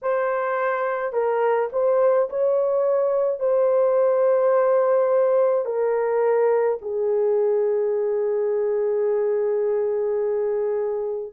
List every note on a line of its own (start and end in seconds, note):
0.02 1.12 C5
1.12 1.69 A#4
1.72 2.28 C5
2.29 3.40 C#5
3.40 5.65 C5
5.65 6.78 A#4
6.81 11.32 G#4